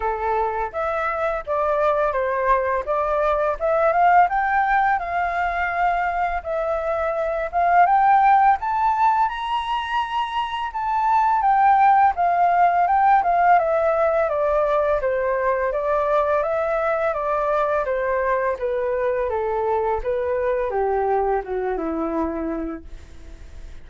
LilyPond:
\new Staff \with { instrumentName = "flute" } { \time 4/4 \tempo 4 = 84 a'4 e''4 d''4 c''4 | d''4 e''8 f''8 g''4 f''4~ | f''4 e''4. f''8 g''4 | a''4 ais''2 a''4 |
g''4 f''4 g''8 f''8 e''4 | d''4 c''4 d''4 e''4 | d''4 c''4 b'4 a'4 | b'4 g'4 fis'8 e'4. | }